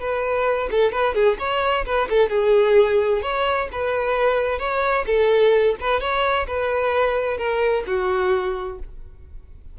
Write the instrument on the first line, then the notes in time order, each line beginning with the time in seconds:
violin
0.00 B4
0.71 A4
0.92 B4
1.14 G#4
1.39 C#5
1.85 B4
2.10 A4
2.30 G#4
3.22 C#5
3.72 B4
4.59 C#5
5.06 A4
5.80 B4
6.00 C#5
6.47 B4
7.37 A#4
7.87 F#4